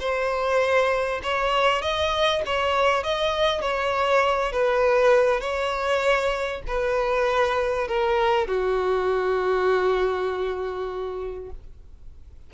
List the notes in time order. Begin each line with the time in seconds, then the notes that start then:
0.00 C5
1.23 C#5
1.82 D#5
2.46 C#5
3.04 D#5
3.61 C#5
4.52 B4
5.40 C#5
6.68 B4
7.88 A#4
8.47 F#4